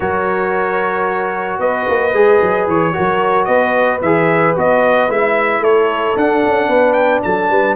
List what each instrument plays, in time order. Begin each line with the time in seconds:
0.00 tuba F#3, trombone F#4, horn A#4, trumpet C#5
1.58 tuba B3, horn B4, trumpet D#5
1.88 tuba A#3
2.13 tuba G#3, trombone G#4
2.41 tuba F#3
2.67 tuba E3, trumpet C#5
2.92 tuba F#3, trombone F#4, horn A#4
3.44 tuba B3, horn B4, trumpet D#5
4.01 tuba E3, trombone G#4, trumpet E5
4.55 tuba B3, trombone F#4, trumpet D#5
5.08 tuba G#3, trombone E4, trumpet E5
5.59 tuba A3, horn A4, trumpet C#5
6.16 tuba D4, trombone D4, trumpet F#5
6.45 tuba C#4
6.67 tuba B3, horn B4
6.92 trumpet G5
7.22 tuba F#3, horn A4, trumpet A5
7.50 tuba G3, horn B4